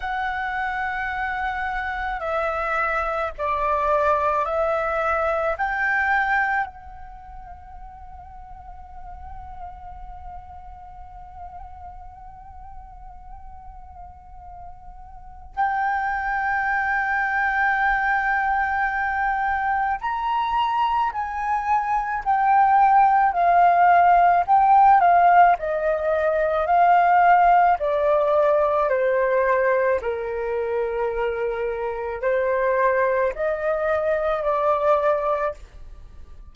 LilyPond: \new Staff \with { instrumentName = "flute" } { \time 4/4 \tempo 4 = 54 fis''2 e''4 d''4 | e''4 g''4 fis''2~ | fis''1~ | fis''2 g''2~ |
g''2 ais''4 gis''4 | g''4 f''4 g''8 f''8 dis''4 | f''4 d''4 c''4 ais'4~ | ais'4 c''4 dis''4 d''4 | }